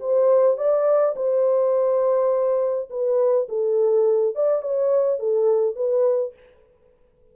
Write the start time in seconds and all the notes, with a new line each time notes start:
0.00 C5
0.57 D5
1.16 C5
2.90 B4
3.49 A4
4.35 D5
4.62 C#5
5.19 A4
5.75 B4